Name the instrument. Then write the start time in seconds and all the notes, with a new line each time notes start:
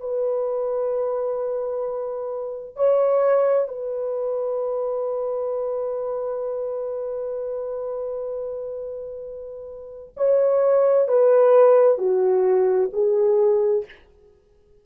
horn
0.00 B4
2.76 C#5
3.68 B4
10.17 C#5
11.08 B4
11.98 F#4
12.93 G#4